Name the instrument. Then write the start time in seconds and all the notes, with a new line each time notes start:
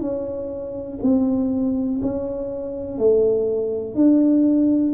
tuba
0.00 C#4
1.02 C4
2.02 C#4
2.97 A3
3.95 D4